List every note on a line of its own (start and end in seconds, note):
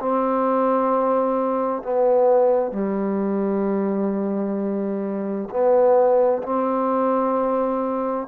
0.00 1.83 C4
1.83 2.72 B3
2.72 5.49 G3
5.50 6.43 B3
6.44 8.28 C4